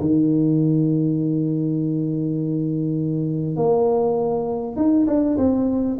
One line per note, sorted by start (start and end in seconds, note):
0.00 3.56 D#3
3.56 4.76 A#3
4.76 5.06 D#4
5.07 5.37 D4
5.37 5.97 C4